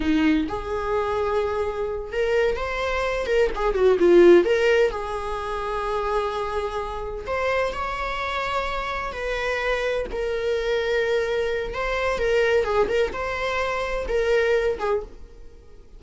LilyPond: \new Staff \with { instrumentName = "viola" } { \time 4/4 \tempo 4 = 128 dis'4 gis'2.~ | gis'8 ais'4 c''4. ais'8 gis'8 | fis'8 f'4 ais'4 gis'4.~ | gis'2.~ gis'8 c''8~ |
c''8 cis''2. b'8~ | b'4. ais'2~ ais'8~ | ais'4 c''4 ais'4 gis'8 ais'8 | c''2 ais'4. gis'8 | }